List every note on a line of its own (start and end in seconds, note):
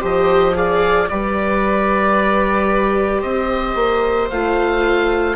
0.00 1.10 F3
0.00 0.54 G4
0.00 0.54 C5
0.00 0.57 D#5
0.54 1.08 G#4
0.54 1.10 D5
0.54 1.09 F5
1.09 3.23 G3
1.09 4.31 G4
1.09 3.20 B4
1.09 3.22 D5
3.20 3.75 C4
3.20 5.35 C5
3.20 4.29 D#5
3.75 4.29 A#3
4.30 5.36 A3
4.30 5.36 F4
4.30 5.36 F5